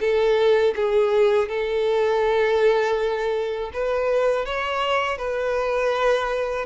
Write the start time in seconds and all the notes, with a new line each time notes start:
0.00 A4
0.76 G#4
1.48 A4
3.73 B4
4.45 C#5
5.18 B4